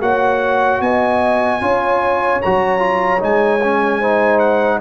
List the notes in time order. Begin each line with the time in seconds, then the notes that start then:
0.00 A#3 F#4 C#5 F#5
0.80 B3 D#5 G#5
1.60 C#4 F4 C#5
2.42 F#3 F#4 A#5
2.78 F4
3.19 G#3 D#4 G#5
3.63 C#4
3.99 D#4 C5
4.39 F#5